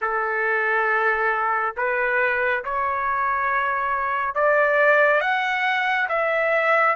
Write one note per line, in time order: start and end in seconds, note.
0.01 1.75 A4
1.76 2.63 B4
2.64 4.34 C#5
4.34 5.21 D5
5.21 6.08 F#5
6.08 6.95 E5